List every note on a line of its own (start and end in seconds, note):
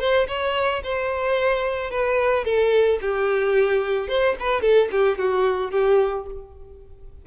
0.00 0.27 C5
0.28 0.83 C#5
0.84 1.91 C5
1.91 2.45 B4
2.45 2.99 A4
3.01 4.08 G4
4.08 4.36 C5
4.40 4.62 B4
4.62 4.89 A4
4.91 5.18 G4
5.18 5.71 F#4
5.71 6.26 G4